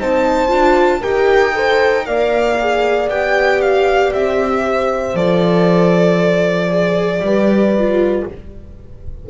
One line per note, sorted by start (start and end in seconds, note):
0.00 0.51 C4
0.00 0.48 D#4
0.00 1.01 C5
0.00 1.03 A5
0.48 1.03 D4
0.48 1.00 F4
1.01 2.08 D#4
1.01 1.53 G4
1.01 1.53 A#4
1.01 2.06 G5
1.53 2.04 A4
1.53 2.07 C5
2.05 3.08 A#3
2.05 2.56 A#4
2.05 4.66 D5
2.05 3.09 F5
2.60 3.11 G#4
3.08 4.12 B3
3.08 5.15 G4
3.08 3.61 G5
3.61 4.13 F5
4.13 5.15 C4
4.13 5.16 E5
4.66 7.24 C5
5.15 7.20 F3
5.15 6.69 A4
5.15 8.27 D5
6.69 7.21 G#4
7.20 8.23 G3
7.20 8.27 B4
7.26 7.78 G4
7.78 8.30 F4